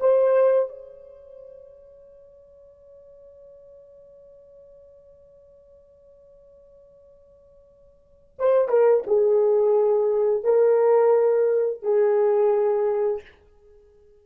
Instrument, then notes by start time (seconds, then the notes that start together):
horn
0.00 C5
0.69 C#5
8.39 C5
8.69 A#4
9.07 G#4
10.44 A#4
11.82 G#4